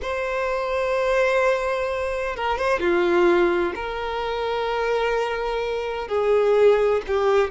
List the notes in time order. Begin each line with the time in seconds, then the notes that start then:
0.02 C5
2.36 A#4
2.58 C5
2.79 F4
3.75 A#4
6.07 G#4
7.07 G4